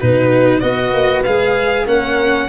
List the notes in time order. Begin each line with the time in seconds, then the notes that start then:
0.00 B2 D#4 F#4 B4
0.60 B3 F#4 B4 D#5
0.93 A#3
1.24 G#3 G#4 F5
1.85 A#3 C#4 A#4 F#5